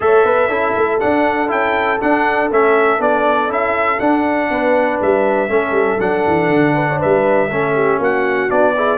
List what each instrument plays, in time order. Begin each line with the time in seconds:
0.00 tuba A3, trombone A4, horn C#5, trumpet E5
0.24 tuba B3, horn B4
0.47 tuba C#4, trombone E4, horn A4
0.75 tuba A3
1.00 trombone D4, tuba D4, trumpet F#5
1.47 tuba C#4, trombone E4, trumpet G5
2.00 trombone D4, tuba D4, trumpet F#5
2.50 tuba A3, trombone C#4, trumpet E5
2.99 tuba B3, trombone D4, trumpet D5
3.48 tuba C#4, trombone E4, trumpet E5
3.99 tuba D4, trombone D4, trumpet F#5
4.50 tuba B3, horn B4
5.01 tuba G3, trumpet E5
5.48 tuba A3, trombone C#4, horn A4
5.71 tuba G3
5.99 tuba F#3, trombone D4, trumpet F#5
6.26 tuba E3
6.49 tuba D3
6.75 horn B4
6.89 horn C#5
6.99 tuba G3, horn B4, trumpet E5
7.49 tuba A3, trombone C#4, horn A4
7.74 horn G4
7.99 tuba A#3, horn F#4, trumpet F#5
8.49 tuba B3, trombone D4, trumpet D5
8.75 trombone E4, horn G#4